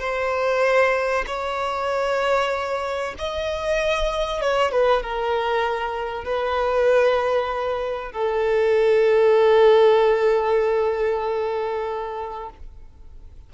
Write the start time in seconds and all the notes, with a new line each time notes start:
0.00 C5
1.27 C#5
3.18 D#5
4.41 C#5
4.72 B4
5.03 A#4
6.25 B4
8.12 A4